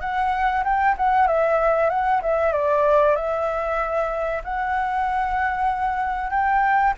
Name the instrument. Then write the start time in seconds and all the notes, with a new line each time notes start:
flute
0.00 F#5
0.63 G5
0.97 F#5
1.27 E5
1.89 F#5
2.22 E5
2.52 D5
3.15 E5
4.44 F#5
6.30 G5